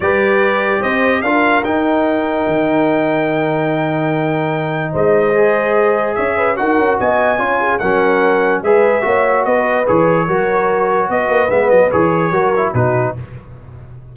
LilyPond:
<<
  \new Staff \with { instrumentName = "trumpet" } { \time 4/4 \tempo 4 = 146 d''2 dis''4 f''4 | g''1~ | g''1 | dis''2. e''4 |
fis''4 gis''2 fis''4~ | fis''4 e''2 dis''4 | cis''2. dis''4 | e''8 dis''8 cis''2 b'4 | }
  \new Staff \with { instrumentName = "horn" } { \time 4/4 b'2 c''4 ais'4~ | ais'1~ | ais'1 | c''2. cis''8 b'8 |
ais'4 dis''4 cis''8 gis'8 ais'4~ | ais'4 b'4 cis''4 b'4~ | b'4 ais'2 b'4~ | b'2 ais'4 fis'4 | }
  \new Staff \with { instrumentName = "trombone" } { \time 4/4 g'2. f'4 | dis'1~ | dis'1~ | dis'4 gis'2. |
fis'2 f'4 cis'4~ | cis'4 gis'4 fis'2 | gis'4 fis'2. | b4 gis'4 fis'8 e'8 dis'4 | }
  \new Staff \with { instrumentName = "tuba" } { \time 4/4 g2 c'4 d'4 | dis'2 dis2~ | dis1 | gis2. cis'4 |
dis'8 cis'8 b4 cis'4 fis4~ | fis4 gis4 ais4 b4 | e4 fis2 b8 ais8 | gis8 fis8 e4 fis4 b,4 | }
>>